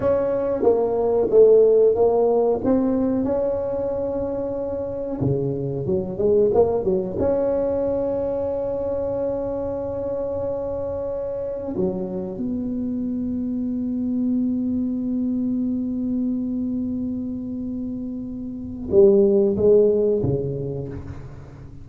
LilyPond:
\new Staff \with { instrumentName = "tuba" } { \time 4/4 \tempo 4 = 92 cis'4 ais4 a4 ais4 | c'4 cis'2. | cis4 fis8 gis8 ais8 fis8 cis'4~ | cis'1~ |
cis'2 fis4 b4~ | b1~ | b1~ | b4 g4 gis4 cis4 | }